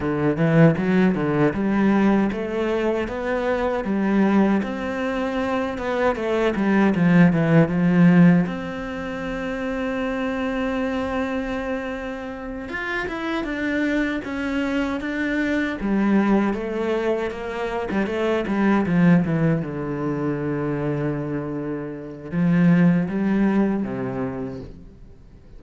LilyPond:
\new Staff \with { instrumentName = "cello" } { \time 4/4 \tempo 4 = 78 d8 e8 fis8 d8 g4 a4 | b4 g4 c'4. b8 | a8 g8 f8 e8 f4 c'4~ | c'1~ |
c'8 f'8 e'8 d'4 cis'4 d'8~ | d'8 g4 a4 ais8. g16 a8 | g8 f8 e8 d2~ d8~ | d4 f4 g4 c4 | }